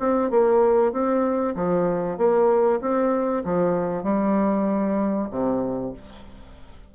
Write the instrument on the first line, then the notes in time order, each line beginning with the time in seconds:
bassoon
0.00 C4
0.31 A#3
0.93 C4
1.56 F3
2.18 A#3
2.81 C4
3.45 F3
4.04 G3
5.31 C3